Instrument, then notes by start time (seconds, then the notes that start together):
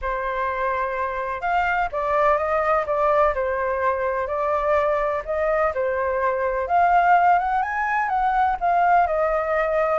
flute
0.01 C5
1.41 F5
1.92 D5
2.37 D#5
2.86 D5
3.34 C5
4.27 D5
5.25 D#5
5.74 C5
6.67 F5
7.39 F#5
7.62 G#5
8.08 F#5
8.60 F5
9.06 D#5